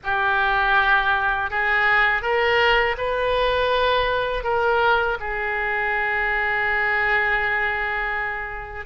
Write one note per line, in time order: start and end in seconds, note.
0.03 1.50 G4
1.50 2.22 G#4
2.22 2.96 A#4
2.97 4.43 B4
4.43 5.17 A#4
5.20 8.85 G#4